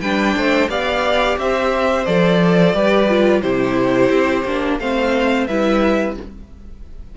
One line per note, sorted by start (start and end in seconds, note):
0.00 0.35 G3
0.00 0.69 D4
0.00 0.35 B4
0.00 0.68 G5
0.36 0.68 A3
0.36 0.70 C5
0.68 1.37 B3
0.68 2.05 G4
0.68 1.38 D5
0.68 1.38 F5
1.37 2.05 C4
1.37 2.75 C5
1.37 2.05 E5
2.05 2.73 F3
2.05 2.74 A4
2.05 3.41 D5
2.73 3.42 G3
2.73 3.08 G4
2.73 3.42 B4
3.09 3.42 F4
3.41 4.10 C3
3.41 4.44 E4
3.41 4.78 G4
3.41 4.77 C5
4.10 4.44 C4
4.45 4.79 A#3
4.45 4.80 D4
4.79 5.47 A3
4.79 5.48 C4
4.79 5.47 C5
4.79 5.47 F5
5.47 6.17 G3
5.47 6.17 E4
5.47 6.15 B4
5.47 6.15 E5